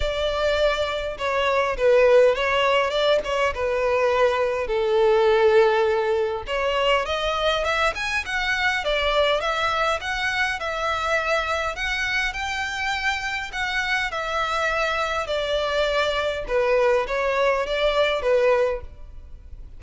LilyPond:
\new Staff \with { instrumentName = "violin" } { \time 4/4 \tempo 4 = 102 d''2 cis''4 b'4 | cis''4 d''8 cis''8 b'2 | a'2. cis''4 | dis''4 e''8 gis''8 fis''4 d''4 |
e''4 fis''4 e''2 | fis''4 g''2 fis''4 | e''2 d''2 | b'4 cis''4 d''4 b'4 | }